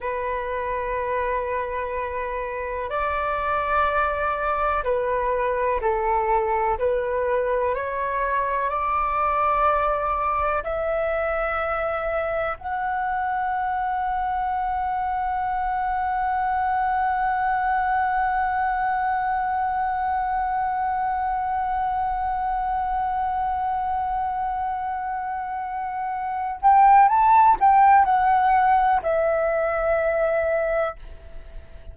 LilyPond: \new Staff \with { instrumentName = "flute" } { \time 4/4 \tempo 4 = 62 b'2. d''4~ | d''4 b'4 a'4 b'4 | cis''4 d''2 e''4~ | e''4 fis''2.~ |
fis''1~ | fis''1~ | fis''2.~ fis''8 g''8 | a''8 g''8 fis''4 e''2 | }